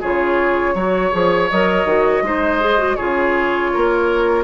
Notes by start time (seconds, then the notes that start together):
0.00 C#3 F4 G#4 C#5
0.74 F#3 F#4 C#5
1.11 F3 G#4
1.50 F#3 A#4 D#5
1.85 D#3 F#4
2.22 G#3 D#4 C5
2.60 G#4
2.78 F#4
2.95 C#3 F4 G#4 C#5
3.73 A#3 A#4